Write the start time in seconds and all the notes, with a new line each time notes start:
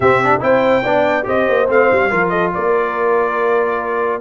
0.00 C3 C4 G4 E5
0.23 D4
0.40 C4 E4 C5 G5
0.83 B3 D4 D5
1.23 C4 G4 C5 D#5
1.48 A#3
1.67 A3 C4 F5
1.91 G3
2.09 F3 F4 A#4
2.29 A4 D#5
2.53 A#3 A#4 D5